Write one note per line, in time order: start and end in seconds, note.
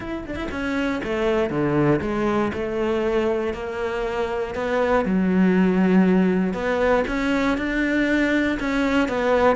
0.00 0.24 E4
0.27 0.35 D4
0.35 0.48 E4
0.51 1.01 C#4
1.03 1.50 A3
1.50 2.00 D3
2.01 2.52 G#3
2.53 3.53 A3
3.53 4.54 A#3
4.54 5.05 B3
5.05 6.53 F#3
6.53 7.04 B3
7.07 7.57 C#4
7.57 8.58 D4
8.59 9.08 C#4
9.08 9.56 B3